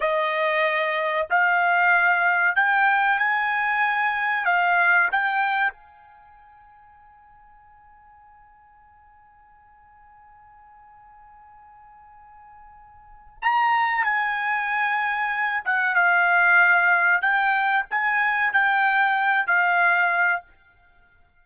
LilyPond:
\new Staff \with { instrumentName = "trumpet" } { \time 4/4 \tempo 4 = 94 dis''2 f''2 | g''4 gis''2 f''4 | g''4 gis''2.~ | gis''1~ |
gis''1~ | gis''4 ais''4 gis''2~ | gis''8 fis''8 f''2 g''4 | gis''4 g''4. f''4. | }